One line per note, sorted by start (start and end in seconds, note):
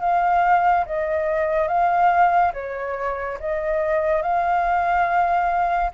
0.00 0.85 F5
0.85 1.67 D#5
1.67 2.52 F5
2.53 3.38 C#5
3.40 4.22 D#5
4.22 5.91 F5